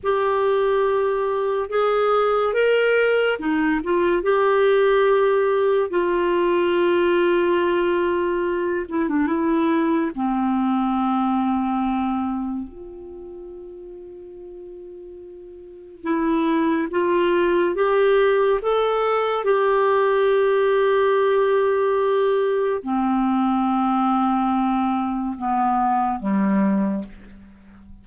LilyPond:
\new Staff \with { instrumentName = "clarinet" } { \time 4/4 \tempo 4 = 71 g'2 gis'4 ais'4 | dis'8 f'8 g'2 f'4~ | f'2~ f'8 e'16 d'16 e'4 | c'2. f'4~ |
f'2. e'4 | f'4 g'4 a'4 g'4~ | g'2. c'4~ | c'2 b4 g4 | }